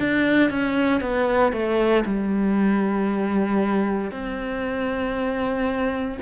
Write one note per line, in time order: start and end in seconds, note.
0.00 0.50 D4
0.50 1.01 C#4
1.01 1.52 B3
1.52 2.04 A3
2.05 4.11 G3
4.11 6.18 C4